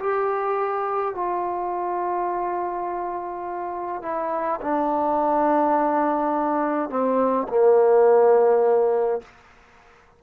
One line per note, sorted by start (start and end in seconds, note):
0.00 1.15 G4
1.15 4.02 F4
4.02 4.60 E4
4.62 6.90 D4
6.90 7.47 C4
7.49 9.22 A#3